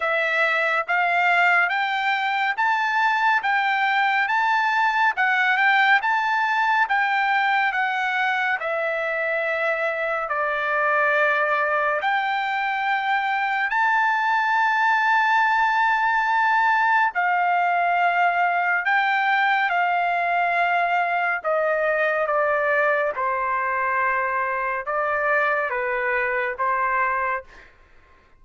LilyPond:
\new Staff \with { instrumentName = "trumpet" } { \time 4/4 \tempo 4 = 70 e''4 f''4 g''4 a''4 | g''4 a''4 fis''8 g''8 a''4 | g''4 fis''4 e''2 | d''2 g''2 |
a''1 | f''2 g''4 f''4~ | f''4 dis''4 d''4 c''4~ | c''4 d''4 b'4 c''4 | }